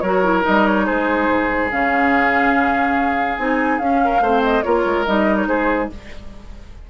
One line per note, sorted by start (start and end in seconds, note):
0.00 0.44 F#3
0.00 0.23 F#4
0.00 0.85 A#4
0.00 0.42 C#5
0.23 0.42 E4
0.42 1.67 D#4
0.42 0.66 D#5
0.48 0.89 G3
0.66 0.85 C#5
0.85 1.28 G#3
0.85 4.00 G#4
0.85 1.69 C5
1.28 1.70 G#2
1.71 3.37 C#3
1.71 3.38 C#4
1.71 3.37 F5
3.37 3.79 C4
3.37 3.80 D#4
3.37 3.78 G#5
3.78 4.20 C#4
3.78 4.22 C#4
3.78 4.41 F5
4.04 4.22 A#4
4.20 4.62 A3
4.20 4.63 C4
4.20 4.64 C5
4.42 4.62 D#5
4.62 4.85 A#3
4.62 5.05 F4
4.62 5.48 A#4
4.62 5.04 C#5
4.85 5.06 G#3
5.05 5.47 G3
5.05 5.90 D#4
5.05 5.36 D#5
5.36 5.46 C#5
5.47 5.89 G#3
5.47 5.90 G#4
5.47 5.89 C5